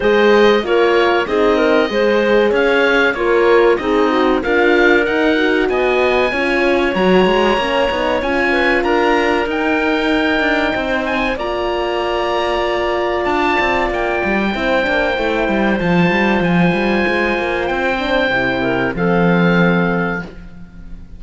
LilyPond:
<<
  \new Staff \with { instrumentName = "oboe" } { \time 4/4 \tempo 4 = 95 dis''4 cis''4 dis''2 | f''4 cis''4 dis''4 f''4 | fis''4 gis''2 ais''4~ | ais''4 gis''4 ais''4 g''4~ |
g''4. gis''8 ais''2~ | ais''4 a''4 g''2~ | g''4 a''4 gis''2 | g''2 f''2 | }
  \new Staff \with { instrumentName = "clarinet" } { \time 4/4 c''4 ais'4 gis'8 ais'8 c''4 | cis''4 f'4 dis'4 ais'4~ | ais'4 dis''4 cis''2~ | cis''4. b'8 ais'2~ |
ais'4 c''4 d''2~ | d''2. c''4~ | c''1~ | c''4. ais'8 a'2 | }
  \new Staff \with { instrumentName = "horn" } { \time 4/4 gis'4 f'4 dis'4 gis'4~ | gis'4 ais'4 gis'8 fis'8 f'4 | dis'8 fis'4. f'4 fis'4 | cis'8 dis'8 f'2 dis'4~ |
dis'2 f'2~ | f'2. e'8 d'8 | e'4 f'2.~ | f'8 d'8 e'4 c'2 | }
  \new Staff \with { instrumentName = "cello" } { \time 4/4 gis4 ais4 c'4 gis4 | cis'4 ais4 c'4 d'4 | dis'4 b4 cis'4 fis8 gis8 | ais8 b8 cis'4 d'4 dis'4~ |
dis'8 d'8 c'4 ais2~ | ais4 d'8 c'8 ais8 g8 c'8 ais8 | a8 g8 f8 g8 f8 g8 gis8 ais8 | c'4 c4 f2 | }
>>